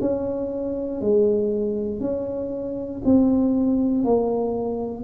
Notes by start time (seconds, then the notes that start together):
0.00 C#4
1.01 G#3
2.00 C#4
3.05 C4
4.04 A#3